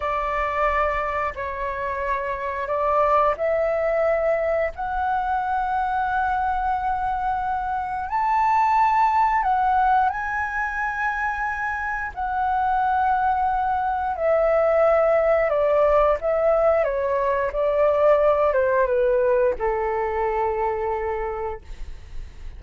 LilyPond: \new Staff \with { instrumentName = "flute" } { \time 4/4 \tempo 4 = 89 d''2 cis''2 | d''4 e''2 fis''4~ | fis''1 | a''2 fis''4 gis''4~ |
gis''2 fis''2~ | fis''4 e''2 d''4 | e''4 cis''4 d''4. c''8 | b'4 a'2. | }